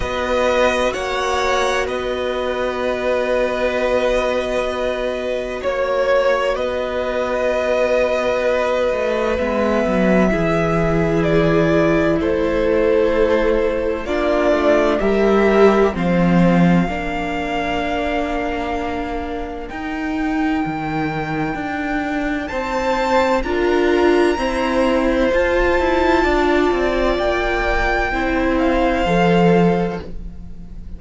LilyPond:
<<
  \new Staff \with { instrumentName = "violin" } { \time 4/4 \tempo 4 = 64 dis''4 fis''4 dis''2~ | dis''2 cis''4 dis''4~ | dis''2 e''2 | d''4 c''2 d''4 |
e''4 f''2.~ | f''4 g''2. | a''4 ais''2 a''4~ | a''4 g''4. f''4. | }
  \new Staff \with { instrumentName = "violin" } { \time 4/4 b'4 cis''4 b'2~ | b'2 cis''4 b'4~ | b'2. gis'4~ | gis'4 a'2 f'4 |
ais'4 c''4 ais'2~ | ais'1 | c''4 ais'4 c''2 | d''2 c''2 | }
  \new Staff \with { instrumentName = "viola" } { \time 4/4 fis'1~ | fis'1~ | fis'2 b4 e'4~ | e'2. d'4 |
g'4 c'4 d'2~ | d'4 dis'2.~ | dis'4 f'4 c'4 f'4~ | f'2 e'4 a'4 | }
  \new Staff \with { instrumentName = "cello" } { \time 4/4 b4 ais4 b2~ | b2 ais4 b4~ | b4. a8 gis8 fis8 e4~ | e4 a2 ais8 a8 |
g4 f4 ais2~ | ais4 dis'4 dis4 d'4 | c'4 d'4 e'4 f'8 e'8 | d'8 c'8 ais4 c'4 f4 | }
>>